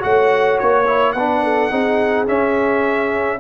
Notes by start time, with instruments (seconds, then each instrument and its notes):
0.00 tuba A3, trombone F#4, horn C#5, trumpet F#5
0.60 tuba A#3, trumpet C#5
0.87 trombone E4
1.13 tuba B3, trombone D4, horn B4, trumpet F#5
1.44 horn A4
1.71 tuba C4, trombone D#4, horn G#4
2.27 trombone C#4, tuba C#4, trumpet E5